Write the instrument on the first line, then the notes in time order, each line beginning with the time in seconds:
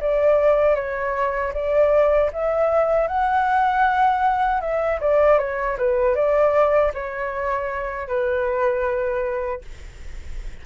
flute
0.00 D5
0.75 C#5
1.53 D5
2.33 E5
3.07 F#5
4.60 E5
5.00 D5
5.38 C#5
5.78 B4
6.15 D5
6.93 C#5
8.07 B4